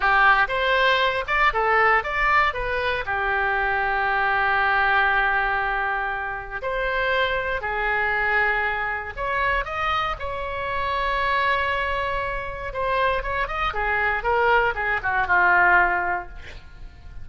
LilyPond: \new Staff \with { instrumentName = "oboe" } { \time 4/4 \tempo 4 = 118 g'4 c''4. d''8 a'4 | d''4 b'4 g'2~ | g'1~ | g'4 c''2 gis'4~ |
gis'2 cis''4 dis''4 | cis''1~ | cis''4 c''4 cis''8 dis''8 gis'4 | ais'4 gis'8 fis'8 f'2 | }